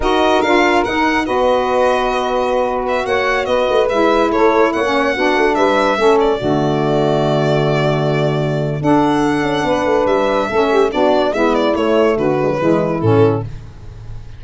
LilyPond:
<<
  \new Staff \with { instrumentName = "violin" } { \time 4/4 \tempo 4 = 143 dis''4 f''4 fis''4 dis''4~ | dis''2~ dis''8. e''8 fis''8.~ | fis''16 dis''4 e''4 cis''4 fis''8.~ | fis''4~ fis''16 e''4. d''4~ d''16~ |
d''1~ | d''4 fis''2. | e''2 d''4 e''8 d''8 | cis''4 b'2 a'4 | }
  \new Staff \with { instrumentName = "saxophone" } { \time 4/4 ais'2. b'4~ | b'2.~ b'16 cis''8.~ | cis''16 b'2 a'4 cis''8.~ | cis''16 fis'4 b'4 a'4 fis'8.~ |
fis'1~ | fis'4 a'2 b'4~ | b'4 a'8 g'8 fis'4 e'4~ | e'4 fis'4 e'2 | }
  \new Staff \with { instrumentName = "saxophone" } { \time 4/4 fis'4 f'4 dis'4 fis'4~ | fis'1~ | fis'4~ fis'16 e'2~ e'16 cis'8~ | cis'16 d'2 cis'4 a8.~ |
a1~ | a4 d'2.~ | d'4 cis'4 d'4 b4 | a4. gis16 fis16 gis4 cis'4 | }
  \new Staff \with { instrumentName = "tuba" } { \time 4/4 dis'4 d'4 dis'4 b4~ | b2.~ b16 ais8.~ | ais16 b8 a8 gis4 a4 ais8.~ | ais16 b8 a8 g4 a4 d8.~ |
d1~ | d4 d'4. cis'8 b8 a8 | g4 a4 b4 gis4 | a4 d4 e4 a,4 | }
>>